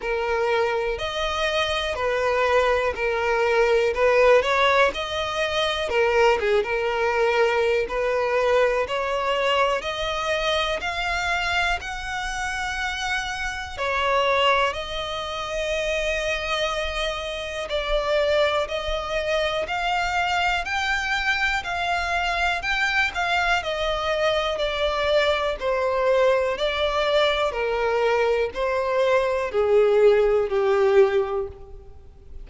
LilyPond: \new Staff \with { instrumentName = "violin" } { \time 4/4 \tempo 4 = 61 ais'4 dis''4 b'4 ais'4 | b'8 cis''8 dis''4 ais'8 gis'16 ais'4~ ais'16 | b'4 cis''4 dis''4 f''4 | fis''2 cis''4 dis''4~ |
dis''2 d''4 dis''4 | f''4 g''4 f''4 g''8 f''8 | dis''4 d''4 c''4 d''4 | ais'4 c''4 gis'4 g'4 | }